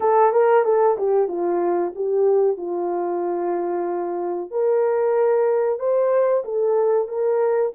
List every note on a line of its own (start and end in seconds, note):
0.00 0.32 A4
0.32 0.64 A#4
0.64 0.96 A4
0.97 1.28 G4
1.28 1.92 F4
1.95 2.57 G4
2.57 4.50 F4
4.50 5.79 A#4
5.79 6.43 C5
6.44 7.08 A4
7.08 7.72 A#4